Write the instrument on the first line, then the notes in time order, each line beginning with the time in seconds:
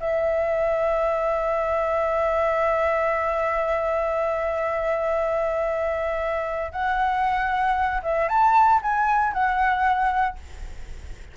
flute
0.00 E5
6.72 F#5
8.03 E5
8.29 A5
8.83 G#5
9.33 F#5